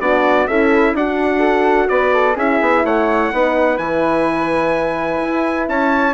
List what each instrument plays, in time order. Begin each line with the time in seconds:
0.00 bassoon B3, horn D4, flute F#4, trumpet D5
0.48 bassoon C#4, flute E4, horn A4, trumpet E5
0.94 bassoon D4, flute D4, horn F#4, trumpet F#5
1.40 flute A4
1.89 bassoon B3, flute B4, trumpet D5
2.14 flute A4
2.36 bassoon C#4, horn E4, flute G#4, trumpet E5
2.61 bassoon B3
2.85 bassoon A3, flute C#5, trumpet F#5
3.32 bassoon B3, horn D#4, flute B4
3.78 bassoon E3, horn E4, trumpet G#5
5.22 bassoon E4
5.69 bassoon C#4, flute C#5, trumpet A5